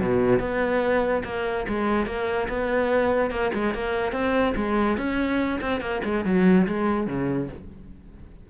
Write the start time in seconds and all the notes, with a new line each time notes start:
0.00 B2
0.39 B3
1.24 A#3
1.68 G#3
2.06 A#3
2.48 B3
3.30 A#3
3.54 G#3
3.74 A#3
4.12 C4
4.56 G#3
4.97 C#4
5.61 C4
5.81 A#3
6.04 G#3
6.25 F#3
6.67 G#3
7.07 C#3